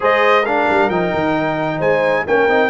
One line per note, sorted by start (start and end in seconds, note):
0.00 0.69 G#3
0.00 0.42 G#4
0.00 0.42 C5
0.00 0.45 D#5
0.42 0.91 D4
0.42 1.78 A#4
0.42 0.89 F5
0.69 0.89 G3
0.89 1.11 F3
0.89 2.27 D#4
0.89 1.80 G5
1.13 1.80 D#3
1.78 2.25 G#3
1.78 2.23 C5
1.78 2.26 G#5
2.27 2.48 A#3
2.27 2.49 C#4
2.27 2.69 A#4
2.27 2.69 G5
2.48 2.69 C4
2.48 2.69 D#4